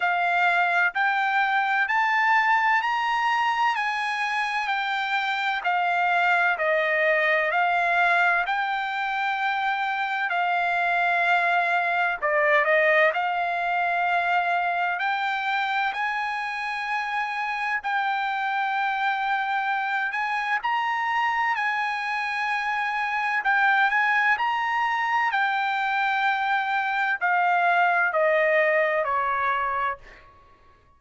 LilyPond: \new Staff \with { instrumentName = "trumpet" } { \time 4/4 \tempo 4 = 64 f''4 g''4 a''4 ais''4 | gis''4 g''4 f''4 dis''4 | f''4 g''2 f''4~ | f''4 d''8 dis''8 f''2 |
g''4 gis''2 g''4~ | g''4. gis''8 ais''4 gis''4~ | gis''4 g''8 gis''8 ais''4 g''4~ | g''4 f''4 dis''4 cis''4 | }